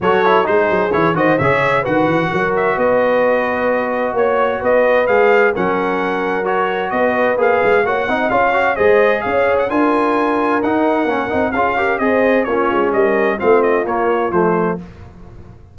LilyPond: <<
  \new Staff \with { instrumentName = "trumpet" } { \time 4/4 \tempo 4 = 130 cis''4 c''4 cis''8 dis''8 e''4 | fis''4. e''8 dis''2~ | dis''4 cis''4 dis''4 f''4 | fis''2 cis''4 dis''4 |
f''4 fis''4 f''4 dis''4 | f''8. fis''16 gis''2 fis''4~ | fis''4 f''4 dis''4 cis''4 | dis''4 f''8 dis''8 cis''4 c''4 | }
  \new Staff \with { instrumentName = "horn" } { \time 4/4 a'4 gis'4. c''8 cis''4 | b'4 ais'4 b'2~ | b'4 cis''4 b'2 | ais'2. b'4~ |
b'4 cis''8 dis''8 cis''4 c''4 | cis''4 ais'2.~ | ais'4 gis'8 ais'8 c''4 f'4 | ais'4 f'2. | }
  \new Staff \with { instrumentName = "trombone" } { \time 4/4 fis'8 e'8 dis'4 e'8 fis'8 gis'4 | fis'1~ | fis'2. gis'4 | cis'2 fis'2 |
gis'4 fis'8 dis'8 f'8 fis'8 gis'4~ | gis'4 f'2 dis'4 | cis'8 dis'8 f'8 g'8 gis'4 cis'4~ | cis'4 c'4 ais4 a4 | }
  \new Staff \with { instrumentName = "tuba" } { \time 4/4 fis4 gis8 fis8 e8 dis8 cis4 | dis8 e8 fis4 b2~ | b4 ais4 b4 gis4 | fis2. b4 |
ais8 gis8 ais8 c'8 cis'4 gis4 | cis'4 d'2 dis'4 | ais8 c'8 cis'4 c'4 ais8 gis8 | g4 a4 ais4 f4 | }
>>